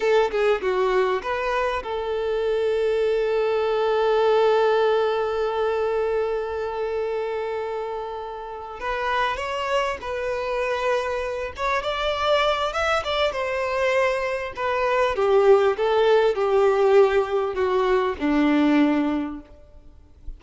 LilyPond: \new Staff \with { instrumentName = "violin" } { \time 4/4 \tempo 4 = 99 a'8 gis'8 fis'4 b'4 a'4~ | a'1~ | a'1~ | a'2~ a'8 b'4 cis''8~ |
cis''8 b'2~ b'8 cis''8 d''8~ | d''4 e''8 d''8 c''2 | b'4 g'4 a'4 g'4~ | g'4 fis'4 d'2 | }